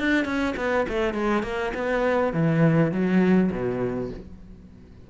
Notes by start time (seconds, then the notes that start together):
0.00 D4
0.25 C#4
0.57 B3
0.89 A3
1.14 G#3
1.44 A#3
1.75 B3
2.33 E3
2.92 F#3
3.52 B2